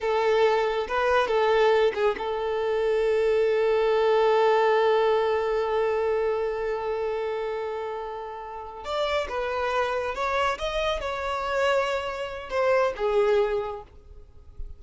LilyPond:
\new Staff \with { instrumentName = "violin" } { \time 4/4 \tempo 4 = 139 a'2 b'4 a'4~ | a'8 gis'8 a'2.~ | a'1~ | a'1~ |
a'1~ | a'8 d''4 b'2 cis''8~ | cis''8 dis''4 cis''2~ cis''8~ | cis''4 c''4 gis'2 | }